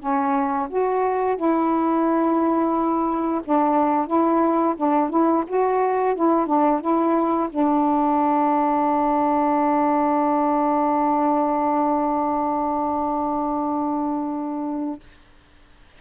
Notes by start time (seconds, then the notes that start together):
0.00 C#4
0.70 F#4
1.37 E4
3.45 D4
4.07 E4
4.77 D4
5.10 E4
5.48 F#4
6.15 E4
6.47 D4
6.81 E4
7.50 D4